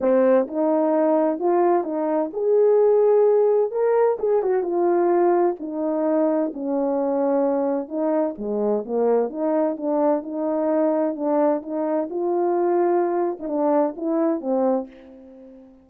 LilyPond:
\new Staff \with { instrumentName = "horn" } { \time 4/4 \tempo 4 = 129 c'4 dis'2 f'4 | dis'4 gis'2. | ais'4 gis'8 fis'8 f'2 | dis'2 cis'2~ |
cis'4 dis'4 gis4 ais4 | dis'4 d'4 dis'2 | d'4 dis'4 f'2~ | f'8. dis'16 d'4 e'4 c'4 | }